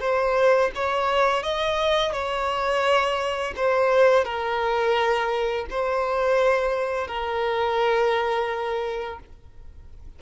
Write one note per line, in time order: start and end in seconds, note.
0.00 0.71 C5
0.75 1.43 C#5
1.43 2.12 D#5
2.12 3.53 C#5
3.56 4.24 C5
4.24 5.65 A#4
5.70 7.07 C5
7.07 9.19 A#4